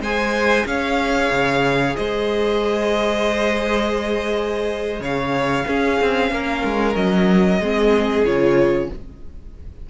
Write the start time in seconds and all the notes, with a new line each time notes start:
0.00 G#3 G#4 C5 G#5
0.65 C#4 C#5 F5
1.30 C#3
1.96 G#3 C5 D#5
5.00 C#3 C#5 F5
5.66 C#4 G#4
6.01 C4
6.31 A#3 A#4
6.64 G#3
6.95 F#3 D#5
7.60 G#3 C4 G#4
8.25 C#3 F4 C#5